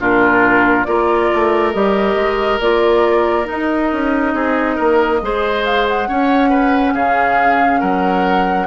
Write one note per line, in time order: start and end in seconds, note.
0.00 0.87 A#2
0.00 0.87 D4
0.00 0.87 F4
0.00 0.85 A#4
0.85 1.31 A#3
0.85 1.74 F4
0.85 4.35 A#4
0.85 1.72 D5
1.34 1.75 A3
1.73 2.16 G3
1.73 2.61 G4
1.73 2.60 D#5
2.16 2.59 G#3
2.61 3.48 A#3
2.61 3.45 F4
2.61 3.48 D5
3.45 5.19 D#4
3.45 3.93 D#4
3.45 5.65 D#5
3.93 4.34 C#4
4.34 4.78 C4
4.34 4.76 G#4
4.76 5.22 A#3
4.76 5.19 A#4
5.22 6.09 G#3
5.22 6.07 G#4
5.22 6.09 C5
5.65 5.87 F5
5.88 6.95 F#5
6.07 8.67 C#4
6.07 6.95 C#4
6.07 6.50 C#5
6.50 6.93 B4
6.94 7.82 C#3
6.94 7.80 G#4
6.94 7.81 F5
7.80 8.67 F#3
7.80 8.67 A#4
7.80 8.67 F#5